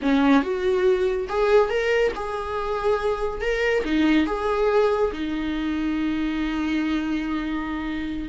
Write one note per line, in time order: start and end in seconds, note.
0.02 0.43 C#4
0.43 1.28 F#4
1.28 1.69 G#4
1.69 2.12 A#4
2.15 3.41 G#4
3.41 3.83 A#4
3.84 4.26 D#4
4.26 5.11 G#4
5.12 8.28 D#4